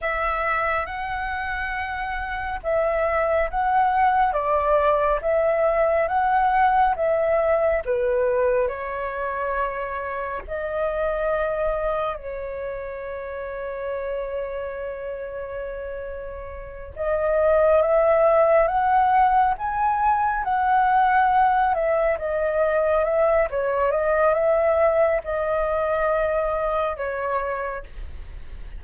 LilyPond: \new Staff \with { instrumentName = "flute" } { \time 4/4 \tempo 4 = 69 e''4 fis''2 e''4 | fis''4 d''4 e''4 fis''4 | e''4 b'4 cis''2 | dis''2 cis''2~ |
cis''2.~ cis''8 dis''8~ | dis''8 e''4 fis''4 gis''4 fis''8~ | fis''4 e''8 dis''4 e''8 cis''8 dis''8 | e''4 dis''2 cis''4 | }